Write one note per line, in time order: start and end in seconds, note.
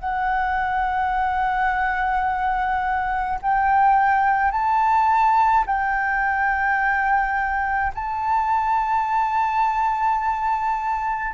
0.00 3.40 F#5
3.42 4.52 G5
4.52 5.65 A5
5.67 7.93 G5
7.95 11.34 A5